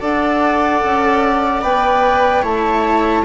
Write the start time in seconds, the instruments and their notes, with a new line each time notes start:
0.00 bassoon D4, cello A4, viola D5, flute F#5
0.83 bassoon C#4
1.61 bassoon B3, cello B4, flute G5
2.42 bassoon A3, cello E4, viola C#5, flute A5